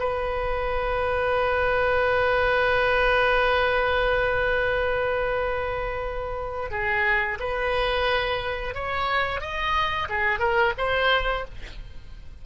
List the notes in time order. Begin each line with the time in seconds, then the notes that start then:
0.00 B4
6.71 G#4
7.40 B4
8.75 C#5
9.41 D#5
10.09 G#4
10.40 A#4
10.78 C5